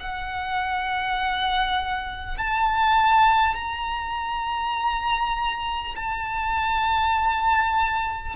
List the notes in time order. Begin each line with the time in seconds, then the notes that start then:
0.00 F#5
2.38 A5
3.55 A#5
5.96 A5